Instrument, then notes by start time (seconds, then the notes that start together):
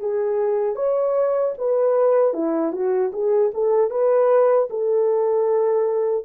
horn
0.00 G#4
0.75 C#5
1.58 B4
2.33 E4
2.72 F#4
3.12 G#4
3.54 A4
3.90 B4
4.70 A4